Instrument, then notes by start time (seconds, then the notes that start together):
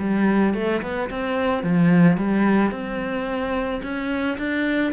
cello
0.00 G3
0.55 A3
0.83 B3
1.10 C4
1.63 F3
2.18 G3
2.71 C4
3.83 C#4
4.38 D4